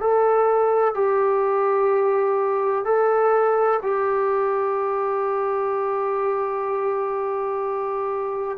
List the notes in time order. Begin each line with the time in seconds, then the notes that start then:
0.00 A4
0.94 G4
2.84 A4
3.82 G4